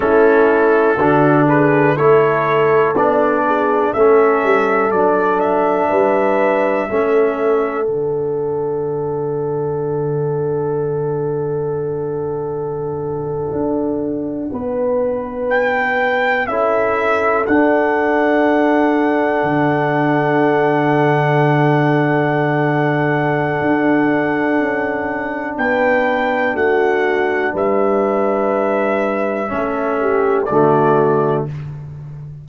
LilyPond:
<<
  \new Staff \with { instrumentName = "trumpet" } { \time 4/4 \tempo 4 = 61 a'4. b'8 cis''4 d''4 | e''4 d''8 e''2~ e''8 | fis''1~ | fis''2.~ fis''8. g''16~ |
g''8. e''4 fis''2~ fis''16~ | fis''1~ | fis''2 g''4 fis''4 | e''2. d''4 | }
  \new Staff \with { instrumentName = "horn" } { \time 4/4 e'4 fis'8 gis'8 a'4. gis'8 | a'2 b'4 a'4~ | a'1~ | a'2~ a'8. b'4~ b'16~ |
b'8. a'2.~ a'16~ | a'1~ | a'2 b'4 fis'4 | b'2 a'8 g'8 fis'4 | }
  \new Staff \with { instrumentName = "trombone" } { \time 4/4 cis'4 d'4 e'4 d'4 | cis'4 d'2 cis'4 | d'1~ | d'1~ |
d'8. e'4 d'2~ d'16~ | d'1~ | d'1~ | d'2 cis'4 a4 | }
  \new Staff \with { instrumentName = "tuba" } { \time 4/4 a4 d4 a4 b4 | a8 g8 fis4 g4 a4 | d1~ | d4.~ d16 d'4 b4~ b16~ |
b8. cis'4 d'2 d16~ | d1 | d'4 cis'4 b4 a4 | g2 a4 d4 | }
>>